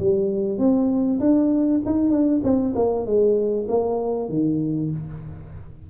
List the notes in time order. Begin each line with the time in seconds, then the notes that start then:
0.00 G3
0.59 C4
1.20 D4
1.86 D#4
2.11 D4
2.44 C4
2.76 A#3
3.06 G#3
3.68 A#3
4.29 D#3